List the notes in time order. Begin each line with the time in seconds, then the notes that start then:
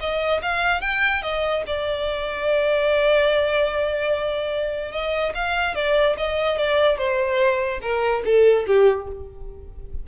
0.00 D#5
0.42 F5
0.81 G5
1.22 D#5
1.67 D5
4.92 D#5
5.35 F5
5.75 D5
6.18 D#5
6.58 D5
6.98 C5
7.82 A#4
8.25 A4
8.67 G4